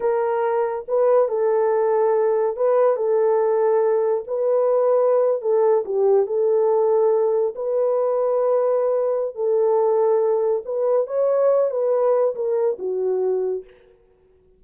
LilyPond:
\new Staff \with { instrumentName = "horn" } { \time 4/4 \tempo 4 = 141 ais'2 b'4 a'4~ | a'2 b'4 a'4~ | a'2 b'2~ | b'8. a'4 g'4 a'4~ a'16~ |
a'4.~ a'16 b'2~ b'16~ | b'2 a'2~ | a'4 b'4 cis''4. b'8~ | b'4 ais'4 fis'2 | }